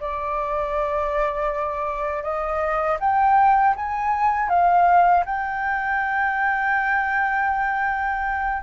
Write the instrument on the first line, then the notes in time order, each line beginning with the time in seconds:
flute
0.00 D5
2.23 D#5
3.00 G5
3.76 G#5
4.49 F5
5.25 G5